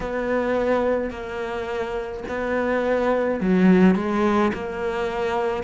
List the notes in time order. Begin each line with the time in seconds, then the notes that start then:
0.00 B3
1.10 A#3
2.28 B3
3.40 F#3
3.95 G#3
4.53 A#3